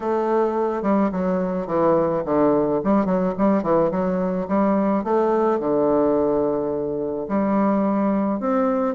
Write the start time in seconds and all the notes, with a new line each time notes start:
0.00 A3
0.82 G3
1.12 F#3
1.66 E3
2.25 D3
2.84 G3
3.05 F#3
3.38 G3
3.62 E3
3.91 F#3
4.48 G3
5.03 A3
5.59 D3
7.28 G3
8.40 C4